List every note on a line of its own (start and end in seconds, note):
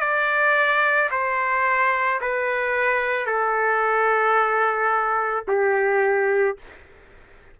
0.00 1.09 D5
1.11 2.20 C5
2.21 3.26 B4
3.26 5.44 A4
5.47 6.57 G4